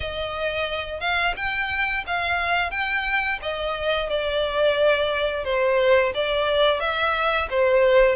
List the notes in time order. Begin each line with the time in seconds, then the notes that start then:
0.00 D#5
1.00 F5
1.36 G5
2.06 F5
2.71 G5
3.42 D#5
4.09 D5
5.44 C5
6.14 D5
6.80 E5
7.49 C5